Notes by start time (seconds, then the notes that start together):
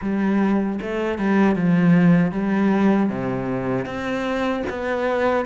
0.01 G3
0.81 A3
1.18 G3
1.55 F3
2.31 G3
3.09 C3
3.85 C4
4.69 B3